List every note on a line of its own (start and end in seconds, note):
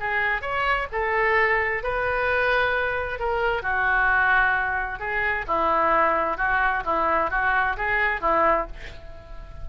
0.00 0.41 G#4
0.41 0.87 C#5
0.92 1.83 A4
1.83 3.19 B4
3.19 3.63 A#4
3.63 4.99 F#4
4.99 5.45 G#4
5.48 6.37 E4
6.37 6.83 F#4
6.85 7.31 E4
7.31 7.76 F#4
7.77 8.21 G#4
8.21 8.67 E4